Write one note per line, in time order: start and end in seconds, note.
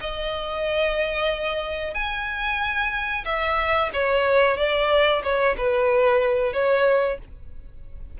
0.00 1.94 D#5
1.94 3.24 G#5
3.25 3.90 E5
3.93 4.57 C#5
4.57 5.22 D5
5.23 5.56 C#5
5.57 6.53 B4
6.53 7.18 C#5